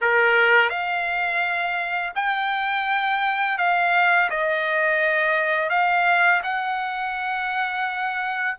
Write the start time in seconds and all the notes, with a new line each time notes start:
0.01 A#4
0.69 F5
2.15 G5
3.57 F5
4.30 D#5
5.69 F5
6.43 F#5